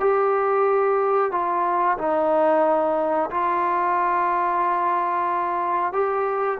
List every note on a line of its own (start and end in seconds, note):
0.00 1.32 G4
1.32 1.98 F4
1.98 3.30 D#4
3.30 5.93 F4
5.93 6.58 G4